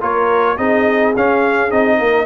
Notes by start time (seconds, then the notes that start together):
0.00 A#3 F4 A#4 C#5
0.57 C4 D#4 G#4 D#5
1.17 C#4 F5
1.70 C4 D#4 D#5
1.98 A#3 A#4